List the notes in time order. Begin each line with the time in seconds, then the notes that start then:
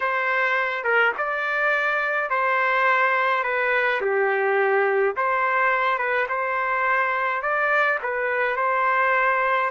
0.00 C5
0.83 A#4
1.17 D5
2.30 C5
3.43 B4
4.01 G4
5.16 C5
5.98 B4
6.29 C5
7.41 D5
8.02 B4
8.56 C5